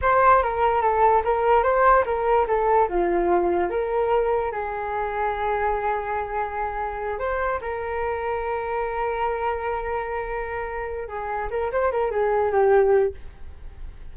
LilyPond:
\new Staff \with { instrumentName = "flute" } { \time 4/4 \tempo 4 = 146 c''4 ais'4 a'4 ais'4 | c''4 ais'4 a'4 f'4~ | f'4 ais'2 gis'4~ | gis'1~ |
gis'4. c''4 ais'4.~ | ais'1~ | ais'2. gis'4 | ais'8 c''8 ais'8 gis'4 g'4. | }